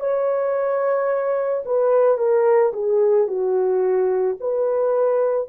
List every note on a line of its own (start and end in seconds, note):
0.00 1.64 C#5
1.66 2.18 B4
2.18 2.72 A#4
2.73 3.27 G#4
3.27 4.36 F#4
4.40 5.48 B4